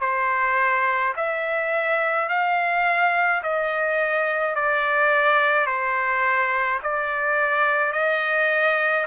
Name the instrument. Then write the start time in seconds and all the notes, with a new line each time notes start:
trumpet
0.00 C5
1.16 E5
2.28 F5
3.42 D#5
4.55 D5
5.66 C5
6.82 D5
7.92 D#5